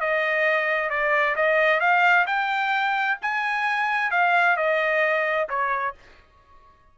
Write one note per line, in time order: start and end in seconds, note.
0.00 0.89 D#5
0.89 1.35 D5
1.36 1.80 D#5
1.80 2.26 F5
2.26 3.18 G5
3.21 4.11 G#5
4.11 4.56 F5
4.56 5.48 D#5
5.49 5.95 C#5